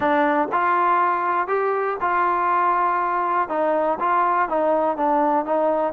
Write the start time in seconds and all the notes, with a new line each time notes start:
0.00 D4
0.52 F4
1.47 G4
2.00 F4
3.48 D#4
3.99 F4
4.49 D#4
4.97 D4
5.45 D#4